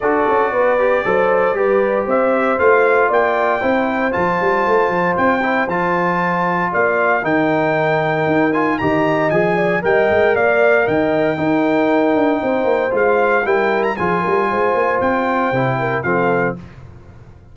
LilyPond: <<
  \new Staff \with { instrumentName = "trumpet" } { \time 4/4 \tempo 4 = 116 d''1 | e''4 f''4 g''2 | a''2 g''4 a''4~ | a''4 f''4 g''2~ |
g''8 gis''8 ais''4 gis''4 g''4 | f''4 g''2.~ | g''4 f''4 g''8. ais''16 gis''4~ | gis''4 g''2 f''4 | }
  \new Staff \with { instrumentName = "horn" } { \time 4/4 a'4 b'4 c''4 b'4 | c''2 d''4 c''4~ | c''1~ | c''4 d''4 ais'2~ |
ais'4 dis''4. d''8 dis''4 | d''4 dis''4 ais'2 | c''2 ais'4 gis'8 ais'8 | c''2~ c''8 ais'8 a'4 | }
  \new Staff \with { instrumentName = "trombone" } { \time 4/4 fis'4. g'8 a'4 g'4~ | g'4 f'2 e'4 | f'2~ f'8 e'8 f'4~ | f'2 dis'2~ |
dis'8 f'8 g'4 gis'4 ais'4~ | ais'2 dis'2~ | dis'4 f'4 e'4 f'4~ | f'2 e'4 c'4 | }
  \new Staff \with { instrumentName = "tuba" } { \time 4/4 d'8 cis'8 b4 fis4 g4 | c'4 a4 ais4 c'4 | f8 g8 a8 f8 c'4 f4~ | f4 ais4 dis2 |
dis'4 dis4 f4 g8 gis8 | ais4 dis4 dis'4. d'8 | c'8 ais8 gis4 g4 f8 g8 | gis8 ais8 c'4 c4 f4 | }
>>